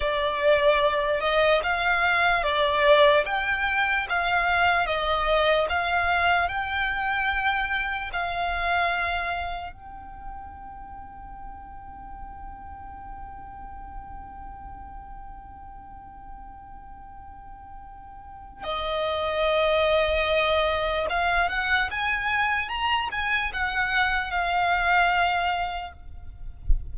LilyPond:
\new Staff \with { instrumentName = "violin" } { \time 4/4 \tempo 4 = 74 d''4. dis''8 f''4 d''4 | g''4 f''4 dis''4 f''4 | g''2 f''2 | g''1~ |
g''1~ | g''2. dis''4~ | dis''2 f''8 fis''8 gis''4 | ais''8 gis''8 fis''4 f''2 | }